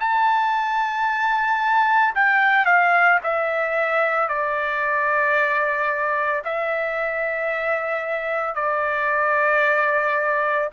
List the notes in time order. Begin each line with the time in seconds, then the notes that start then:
0.00 A5
2.15 G5
2.65 F5
3.24 E5
4.29 D5
6.45 E5
8.55 D5